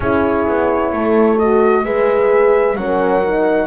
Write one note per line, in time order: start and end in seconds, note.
0.00 0.46 C#4
0.00 1.40 E4
0.00 0.92 G#4
0.00 1.38 C#5
0.47 0.92 B3
0.92 1.84 A3
0.92 1.84 A4
1.38 1.83 F#4
1.38 1.84 D#5
1.83 2.75 G#3
1.83 2.76 G#4
1.83 2.77 B4
1.83 2.76 E5
2.75 3.67 F#3
2.75 3.23 C#4
2.75 3.67 A#4
2.75 3.67 F#5
3.24 3.67 D#4